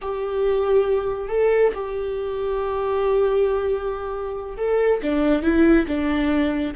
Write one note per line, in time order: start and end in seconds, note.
0.01 1.28 G4
1.28 1.72 A4
1.74 4.57 G4
4.57 5.00 A4
5.02 5.42 D4
5.42 5.86 E4
5.87 6.74 D4